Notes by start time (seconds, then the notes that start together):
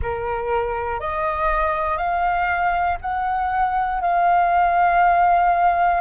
0.01 A#4
1.00 D#5
1.97 F5
3.00 F#5
4.00 F5